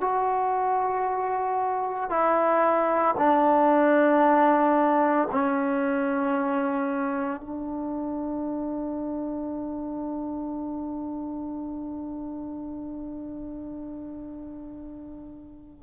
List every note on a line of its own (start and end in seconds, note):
0.00 2.10 F#4
2.10 3.15 E4
3.18 5.28 D4
5.32 7.41 C#4
7.41 15.83 D4